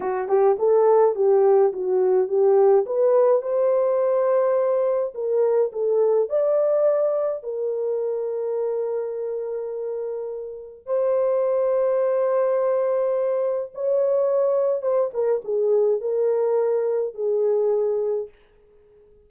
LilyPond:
\new Staff \with { instrumentName = "horn" } { \time 4/4 \tempo 4 = 105 fis'8 g'8 a'4 g'4 fis'4 | g'4 b'4 c''2~ | c''4 ais'4 a'4 d''4~ | d''4 ais'2.~ |
ais'2. c''4~ | c''1 | cis''2 c''8 ais'8 gis'4 | ais'2 gis'2 | }